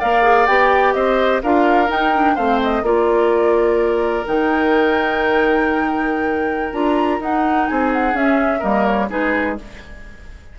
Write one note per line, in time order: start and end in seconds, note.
0.00 0.48 A#3
0.00 0.23 A#4
0.00 0.94 D5
0.00 0.47 F5
0.23 0.47 G#4
0.47 0.95 B3
0.47 1.43 G4
0.47 0.94 G5
0.94 1.42 C4
0.94 1.43 C5
0.94 1.41 D#5
1.43 1.90 D4
1.43 1.88 F4
1.43 2.35 A#4
1.43 1.91 F5
1.88 2.11 D#4
1.88 2.37 D#4
1.88 2.36 G5
2.15 2.37 D4
2.35 2.82 A3
2.35 2.85 C4
2.35 2.83 C5
2.35 2.60 F5
2.63 2.85 D#5
2.82 4.24 A#3
2.82 4.26 F4
2.82 7.69 A#4
2.82 4.26 D5
4.26 6.73 D#3
4.26 6.73 D#4
4.26 6.74 G5
6.73 7.20 D4
6.73 7.21 F4
6.73 7.21 A#5
7.20 7.67 D#4
7.20 8.14 D#4
7.20 7.67 F#5
7.67 8.14 C4
7.67 8.60 G#4
7.67 7.91 G#5
7.93 8.16 F#5
8.14 8.61 C#4
8.14 8.63 E5
8.60 9.11 G3
8.60 9.09 A#3
8.60 9.07 A#4
8.60 8.87 D#5
8.87 9.10 C#5
9.09 9.59 G#3
9.09 9.57 D#4
9.09 9.58 G#4
9.09 9.59 B4